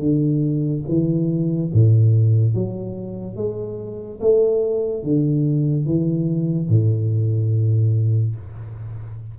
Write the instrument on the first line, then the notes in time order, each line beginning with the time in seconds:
tuba
0.00 D3
0.88 E3
1.73 A2
2.55 F#3
3.37 G#3
4.21 A3
5.04 D3
5.86 E3
6.69 A2